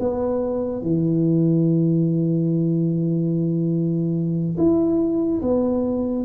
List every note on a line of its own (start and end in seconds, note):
0.00 0.82 B3
0.82 4.57 E3
4.58 5.41 E4
5.42 6.25 B3